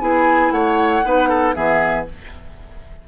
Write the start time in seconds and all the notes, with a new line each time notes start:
0.00 B3 E4 G#4 G#5
0.51 A3 C#5 F#5
1.04 B3 D#4 B4
1.29 A4
1.54 E3 B3 G#4 E5